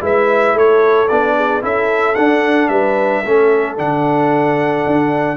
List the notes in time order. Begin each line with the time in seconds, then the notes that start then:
0.00 G#3 E4 B4 E5
0.54 A3 A4 C#5
1.08 B3 D4 D5
1.36 G#4
1.61 C#4 E4 A4 E5
2.15 D4 F#5
2.68 G3 B4 E5
3.22 A3 C#4 A4
3.77 D3 D4 F#5
4.86 D4